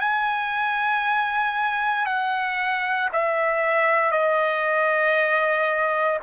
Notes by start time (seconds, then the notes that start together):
0.00 G#5
2.05 F#5
3.13 E5
4.11 D#5